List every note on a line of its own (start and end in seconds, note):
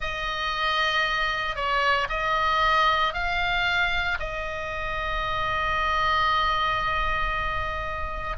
0.00 1.55 D#5
1.55 2.07 C#5
2.09 3.13 D#5
3.13 4.17 F5
4.19 8.36 D#5